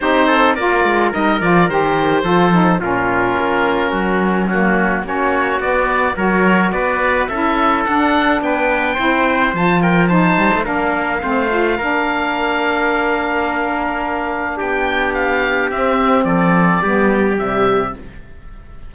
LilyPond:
<<
  \new Staff \with { instrumentName = "oboe" } { \time 4/4 \tempo 4 = 107 c''4 d''4 dis''8 d''8 c''4~ | c''4 ais'2. | fis'4 cis''4 d''4 cis''4 | d''4 e''4 fis''4 g''4~ |
g''4 a''8 g''8 a''4 f''4~ | f''1~ | f''2 g''4 f''4 | e''4 d''2 e''4 | }
  \new Staff \with { instrumentName = "trumpet" } { \time 4/4 g'8 a'8 ais'2. | a'4 f'2 fis'4 | cis'4 fis'2 ais'4 | b'4 a'2 b'4 |
c''4. ais'8 c''4 ais'4 | c''4 ais'2.~ | ais'2 g'2~ | g'4 a'4 g'2 | }
  \new Staff \with { instrumentName = "saxophone" } { \time 4/4 dis'4 f'4 dis'8 f'8 g'4 | f'8 dis'8 cis'2. | ais4 cis'4 b4 fis'4~ | fis'4 e'4 d'2 |
e'4 f'4 dis'4 d'4 | c'8 f'8 d'2.~ | d'1 | c'2 b4 g4 | }
  \new Staff \with { instrumentName = "cello" } { \time 4/4 c'4 ais8 gis8 g8 f8 dis4 | f4 ais,4 ais4 fis4~ | fis4 ais4 b4 fis4 | b4 cis'4 d'4 b4 |
c'4 f4. g16 a16 ais4 | a4 ais2.~ | ais2 b2 | c'4 f4 g4 c4 | }
>>